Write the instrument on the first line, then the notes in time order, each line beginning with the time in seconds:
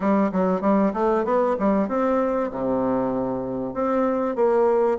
bassoon
0.00 G3
0.32 F#3
0.61 G3
0.93 A3
1.24 B3
1.59 G3
1.88 C4
2.51 C3
3.74 C4
4.35 A#3